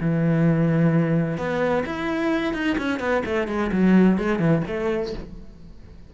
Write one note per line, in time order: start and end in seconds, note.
0.00 1.37 E3
1.37 1.84 B3
1.86 2.53 E4
2.53 2.77 D#4
2.78 2.99 C#4
2.99 3.23 B3
3.25 3.47 A3
3.47 3.70 G#3
3.72 4.18 F#3
4.18 4.39 G#3
4.39 4.62 E3
4.67 5.13 A3